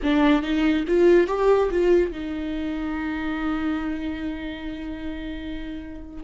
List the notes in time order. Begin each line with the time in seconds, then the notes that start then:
0.02 D4
0.42 D#4
0.87 F4
1.27 G4
1.70 F4
2.11 D#4